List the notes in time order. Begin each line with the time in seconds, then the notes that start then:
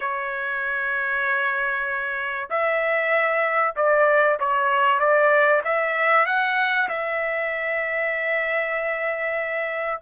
0.00 C#5
2.49 E5
3.76 D5
4.39 C#5
4.99 D5
5.64 E5
6.26 F#5
6.88 E5